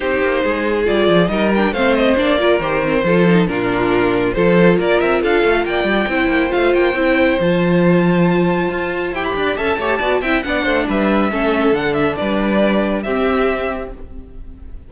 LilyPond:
<<
  \new Staff \with { instrumentName = "violin" } { \time 4/4 \tempo 4 = 138 c''2 d''4 dis''8 g''8 | f''8 dis''8 d''4 c''2 | ais'2 c''4 d''8 e''8 | f''4 g''2 f''8 g''8~ |
g''4 a''2.~ | a''4 g''16 b''8. a''4. g''8 | fis''4 e''2 fis''8 e''8 | d''2 e''2 | }
  \new Staff \with { instrumentName = "violin" } { \time 4/4 g'4 gis'2 ais'4 | c''4. ais'4. a'4 | f'2 a'4 ais'4 | a'4 d''4 c''2~ |
c''1~ | c''4. d''8 e''8 cis''8 d''8 e''8 | d''8 c''8 b'4 a'2 | b'2 g'2 | }
  \new Staff \with { instrumentName = "viola" } { \time 4/4 dis'2 f'4 dis'8 d'8 | c'4 d'8 f'8 g'8 c'8 f'8 dis'8 | d'2 f'2~ | f'2 e'4 f'4 |
e'4 f'2.~ | f'4 g'4 a'8 g'8 fis'8 e'8 | d'2 cis'4 d'4~ | d'2 c'2 | }
  \new Staff \with { instrumentName = "cello" } { \time 4/4 c'8 ais8 gis4 g8 f8 g4 | a4 ais4 dis4 f4 | ais,2 f4 ais8 c'8 | d'8 a8 ais8 g8 c'8 ais8 a8 ais8 |
c'4 f2. | f'4 e'8 d'8 cis'8 a8 b8 c'8 | b8 a8 g4 a4 d4 | g2 c'2 | }
>>